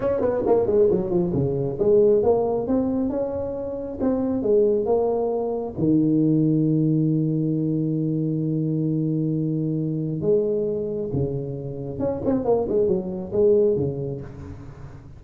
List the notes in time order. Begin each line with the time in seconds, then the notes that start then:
0.00 C#4
0.20 B3
0.46 A#3
0.66 G#3
0.90 F#3
1.10 F3
1.34 C#3
1.79 G#3
2.22 A#3
2.67 C4
3.09 C#4
4.00 C4
4.42 G#3
4.85 A#3
5.78 D#3
10.21 G#3
11.12 C#3
11.99 C#4
12.25 C4
12.44 A#3
12.68 G#3
12.87 F#3
13.32 G#3
13.76 C#3